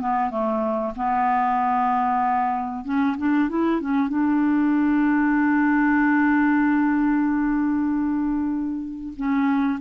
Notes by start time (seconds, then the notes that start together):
0.00 B3
0.30 A3
0.96 B3
2.84 C#4
3.17 D4
3.49 E4
3.81 C#4
4.08 D4
9.16 C#4